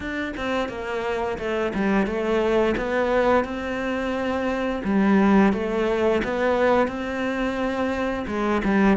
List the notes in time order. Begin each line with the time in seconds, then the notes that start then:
0.00 D4
0.36 C4
0.69 A#3
1.38 A3
1.74 G3
2.06 A3
2.77 B3
3.44 C4
4.84 G3
5.52 A3
6.24 B3
6.87 C4
8.27 G#3
8.64 G3